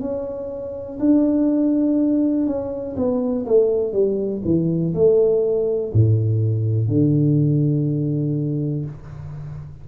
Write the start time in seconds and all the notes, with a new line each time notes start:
0.00 C#4
0.99 D4
2.46 C#4
2.96 B3
3.46 A3
3.92 G3
4.44 E3
4.94 A3
5.92 A2
6.88 D3